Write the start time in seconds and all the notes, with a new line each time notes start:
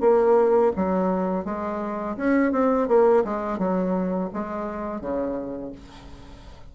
0.00 A#3
0.76 F#3
1.44 G#3
2.17 C#4
2.52 C4
2.87 A#3
3.24 G#3
3.58 F#3
4.33 G#3
5.00 C#3